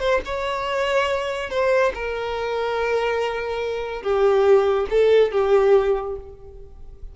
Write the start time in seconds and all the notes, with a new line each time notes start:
0.00 C5
0.25 C#5
1.50 C5
1.95 A#4
4.03 G4
4.90 A4
5.32 G4